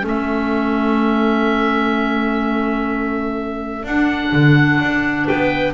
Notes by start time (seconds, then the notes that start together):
0.00 A3 C#4 A4
0.08 E5
3.83 D4 F#5
4.32 D3
4.80 D4
5.25 B4 G5
5.31 B3